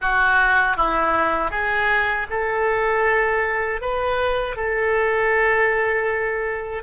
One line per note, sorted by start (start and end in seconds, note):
0.01 0.76 F#4
0.76 1.50 E4
1.50 2.26 G#4
2.30 3.81 A4
3.81 4.56 B4
4.56 6.83 A4